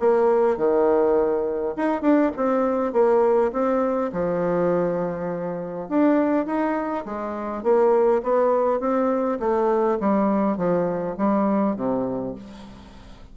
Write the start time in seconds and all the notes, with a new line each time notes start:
0.00 A#3
0.57 D#3
1.77 D#4
2.02 D4
2.37 C4
2.93 A#3
3.53 C4
4.13 F3
5.89 D4
6.46 D#4
7.06 G#3
7.63 A#3
8.23 B3
8.80 C4
9.40 A3
10.00 G3
10.57 F3
11.18 G3
11.76 C3